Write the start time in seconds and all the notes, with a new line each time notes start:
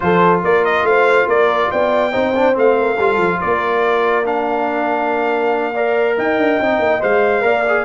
0.00 F3 F4 A4 C5
0.43 A#3 A#4 D5
0.64 D#5
0.83 A3 C5 F5
1.26 A#3 A#4 D5
1.71 B3 D5 G5
2.12 C4 D#4 C5
2.35 D4
2.53 A3 C4 F5
2.79 A#4
2.96 G3 F4 A4
3.17 F3
3.40 A#3 A#4 D5
4.24 D4 F5
5.73 A#4 D5
6.16 D#4 D#5 G5
6.38 D4
6.59 C4 D#4
6.79 A#3
7.00 G#3 C5 F5
7.41 A#3 A#4 D5
7.68 G#4